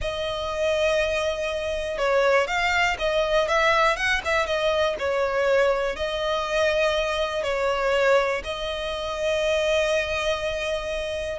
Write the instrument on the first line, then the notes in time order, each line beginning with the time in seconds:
violin
0.01 D#5
1.97 C#5
2.47 F5
2.98 D#5
3.47 E5
3.96 F#5
4.25 E5
4.46 D#5
4.98 C#5
5.96 D#5
7.43 C#5
8.44 D#5